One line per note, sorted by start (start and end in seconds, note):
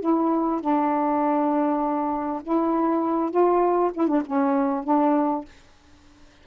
0.00 0.60 E4
0.60 2.42 D4
2.43 3.30 E4
3.30 3.91 F4
3.94 4.07 E4
4.07 4.22 D4
4.26 4.84 C#4
4.84 5.44 D4